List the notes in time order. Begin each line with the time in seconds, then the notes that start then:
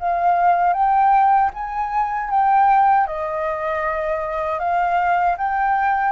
0.00 F5
0.73 G5
1.54 G#5
2.30 G5
3.07 D#5
4.59 F5
5.38 G5